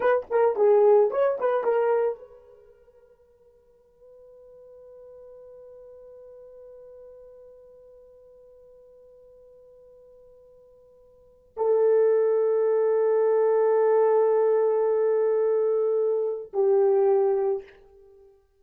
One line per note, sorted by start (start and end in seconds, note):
0.00 0.26 B4
0.30 0.56 A#4
0.56 1.10 G#4
1.10 1.38 C#5
1.39 1.64 B4
1.64 2.19 A#4
2.19 11.54 B4
11.56 16.52 A4
16.53 17.63 G4